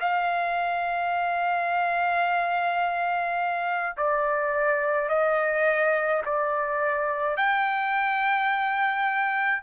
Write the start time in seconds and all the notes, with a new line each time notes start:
0.00 F5
3.97 D5
5.09 D#5
6.25 D5
7.36 G5